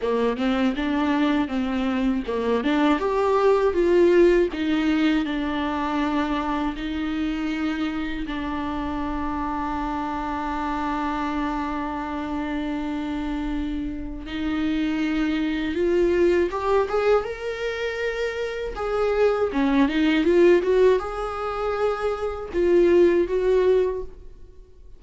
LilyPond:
\new Staff \with { instrumentName = "viola" } { \time 4/4 \tempo 4 = 80 ais8 c'8 d'4 c'4 ais8 d'8 | g'4 f'4 dis'4 d'4~ | d'4 dis'2 d'4~ | d'1~ |
d'2. dis'4~ | dis'4 f'4 g'8 gis'8 ais'4~ | ais'4 gis'4 cis'8 dis'8 f'8 fis'8 | gis'2 f'4 fis'4 | }